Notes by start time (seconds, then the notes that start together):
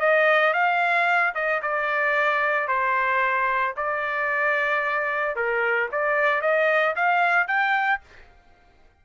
0.00 D#5
0.54 F5
1.35 D#5
1.62 D5
2.68 C5
3.77 D5
5.36 A#4
5.92 D5
6.42 D#5
6.96 F5
7.48 G5